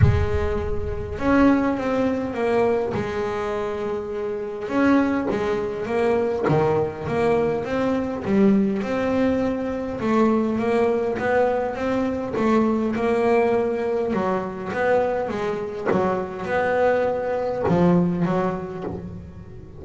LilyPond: \new Staff \with { instrumentName = "double bass" } { \time 4/4 \tempo 4 = 102 gis2 cis'4 c'4 | ais4 gis2. | cis'4 gis4 ais4 dis4 | ais4 c'4 g4 c'4~ |
c'4 a4 ais4 b4 | c'4 a4 ais2 | fis4 b4 gis4 fis4 | b2 f4 fis4 | }